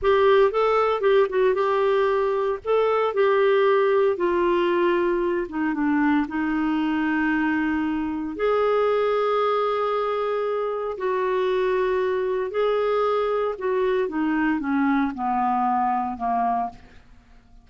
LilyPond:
\new Staff \with { instrumentName = "clarinet" } { \time 4/4 \tempo 4 = 115 g'4 a'4 g'8 fis'8 g'4~ | g'4 a'4 g'2 | f'2~ f'8 dis'8 d'4 | dis'1 |
gis'1~ | gis'4 fis'2. | gis'2 fis'4 dis'4 | cis'4 b2 ais4 | }